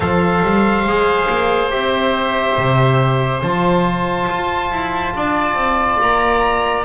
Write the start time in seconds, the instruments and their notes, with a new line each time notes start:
0.00 double bass F3, trombone A4, oboe C5, violin F5
0.42 double bass G3
0.85 double bass G#3, trombone G#4
1.29 double bass A#3
1.70 double bass C4, trombone G4, violin E5
2.57 double bass C3
3.42 double bass F3, trombone F4, violin A5
4.29 double bass F4
4.71 double bass E4
5.15 double bass D4, oboe D5
5.54 double bass C4
6.01 double bass A#3, violin A#5